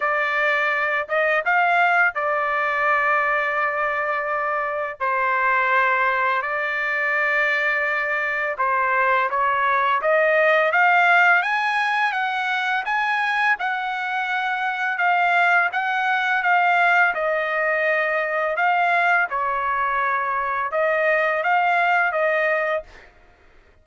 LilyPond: \new Staff \with { instrumentName = "trumpet" } { \time 4/4 \tempo 4 = 84 d''4. dis''8 f''4 d''4~ | d''2. c''4~ | c''4 d''2. | c''4 cis''4 dis''4 f''4 |
gis''4 fis''4 gis''4 fis''4~ | fis''4 f''4 fis''4 f''4 | dis''2 f''4 cis''4~ | cis''4 dis''4 f''4 dis''4 | }